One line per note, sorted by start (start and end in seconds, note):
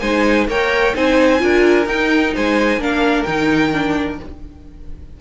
0.00 0.47 G#3
0.00 0.49 D#4
0.00 0.48 C5
0.00 0.47 G#5
0.47 0.94 A#3
0.47 0.94 A#4
0.47 0.95 C#5
0.47 0.96 G5
0.94 1.42 C4
0.94 1.39 D#4
0.94 1.42 C5
0.94 1.88 G#5
1.39 1.86 D4
1.39 1.86 F4
1.39 2.34 A#4
1.86 2.33 D#4
1.86 2.80 D#4
1.86 2.34 G5
2.34 2.78 G#3
2.34 2.81 C5
2.34 2.83 G#5
2.78 3.24 A#3
2.78 3.26 D4
2.78 4.21 A#4
2.78 3.24 F5
3.24 4.20 D#3
3.24 3.73 D#4
3.24 4.17 G5
3.73 4.19 D4